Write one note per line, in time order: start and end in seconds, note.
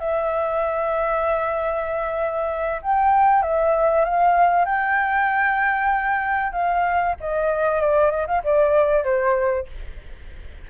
0.00 2.81 E5
2.82 3.43 G5
3.43 4.05 E5
4.05 4.66 F5
4.66 6.53 G5
6.53 7.15 F5
7.20 7.81 D#5
7.81 8.11 D5
8.11 8.27 D#5
8.27 8.43 F5
8.44 9.04 D5
9.04 9.67 C5